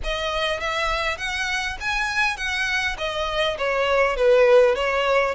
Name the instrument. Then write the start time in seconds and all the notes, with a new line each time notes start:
violin
0.03 D#5
0.60 E5
1.17 F#5
1.80 G#5
2.37 F#5
2.98 D#5
3.58 C#5
4.16 B4
4.75 C#5